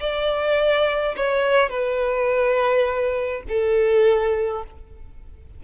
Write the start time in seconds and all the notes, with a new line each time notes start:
0.00 D5
1.16 C#5
1.70 B4
3.49 A4